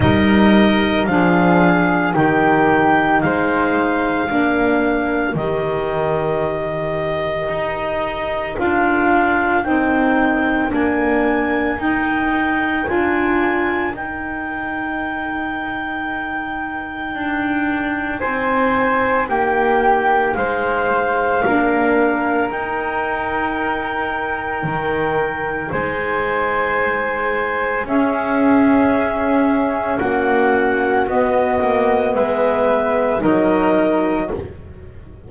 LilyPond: <<
  \new Staff \with { instrumentName = "clarinet" } { \time 4/4 \tempo 4 = 56 dis''4 f''4 g''4 f''4~ | f''4 dis''2. | f''4 g''4 gis''4 g''4 | gis''4 g''2.~ |
g''4 gis''4 g''4 f''4~ | f''4 g''2. | gis''2 e''2 | fis''4 dis''4 e''4 dis''4 | }
  \new Staff \with { instrumentName = "flute" } { \time 4/4 ais'4 gis'4 g'4 c''4 | ais'1~ | ais'1~ | ais'1~ |
ais'4 c''4 g'4 c''4 | ais'1 | c''2 gis'2 | fis'2 b'4 ais'4 | }
  \new Staff \with { instrumentName = "saxophone" } { \time 4/4 dis'4 d'4 dis'2 | d'4 g'2. | f'4 dis'4 d'4 dis'4 | f'4 dis'2.~ |
dis'1 | d'4 dis'2.~ | dis'2 cis'2~ | cis'4 b2 dis'4 | }
  \new Staff \with { instrumentName = "double bass" } { \time 4/4 g4 f4 dis4 gis4 | ais4 dis2 dis'4 | d'4 c'4 ais4 dis'4 | d'4 dis'2. |
d'4 c'4 ais4 gis4 | ais4 dis'2 dis4 | gis2 cis'2 | ais4 b8 ais8 gis4 fis4 | }
>>